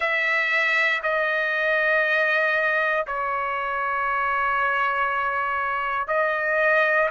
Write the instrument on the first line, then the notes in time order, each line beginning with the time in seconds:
trumpet
0.00 E5
1.02 D#5
3.06 C#5
6.07 D#5